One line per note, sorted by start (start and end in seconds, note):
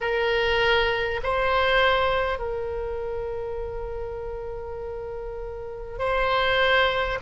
0.00 1.20 A#4
1.23 2.38 C5
2.38 5.98 A#4
5.98 7.18 C5